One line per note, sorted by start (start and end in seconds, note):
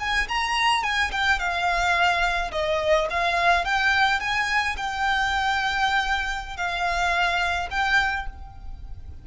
0.00 0.28 G#5
0.29 0.84 A#5
0.84 1.12 G#5
1.12 1.39 G5
1.39 2.52 F5
2.52 3.08 D#5
3.10 3.65 F5
3.65 4.20 G5
4.20 4.76 G#5
4.77 6.57 G5
6.57 7.69 F5
7.71 8.27 G5